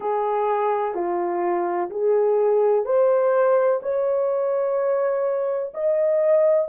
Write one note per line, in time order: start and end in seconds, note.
0.00 0.94 G#4
0.94 1.89 F4
1.90 2.85 G#4
2.85 3.80 C5
3.82 5.72 C#5
5.74 6.68 D#5